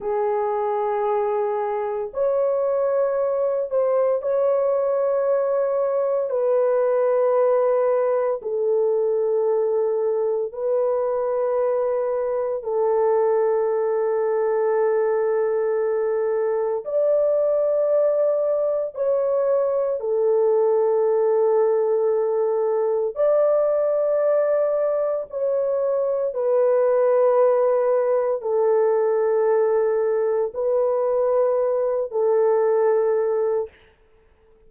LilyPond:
\new Staff \with { instrumentName = "horn" } { \time 4/4 \tempo 4 = 57 gis'2 cis''4. c''8 | cis''2 b'2 | a'2 b'2 | a'1 |
d''2 cis''4 a'4~ | a'2 d''2 | cis''4 b'2 a'4~ | a'4 b'4. a'4. | }